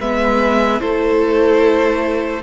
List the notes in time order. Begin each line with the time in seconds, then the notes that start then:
0.00 G#3 B3 B4 E5
0.80 A3 E4 A4 C5